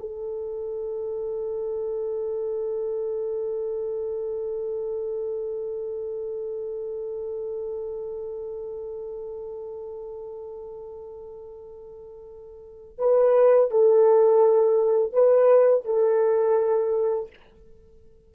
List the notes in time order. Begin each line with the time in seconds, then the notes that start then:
0.00 A4
12.99 B4
13.71 A4
15.13 B4
15.85 A4